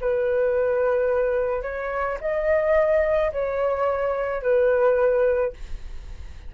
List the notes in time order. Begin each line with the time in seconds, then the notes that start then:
0.00 B4
1.62 C#5
2.20 D#5
3.32 C#5
4.41 B4